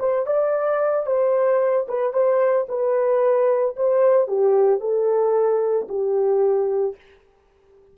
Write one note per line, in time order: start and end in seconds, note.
0.00 0.27 C5
0.27 1.07 D5
1.07 1.87 C5
1.89 2.14 B4
2.14 2.67 C5
2.69 3.76 B4
3.77 4.28 C5
4.28 4.81 G4
4.81 5.88 A4
5.89 6.96 G4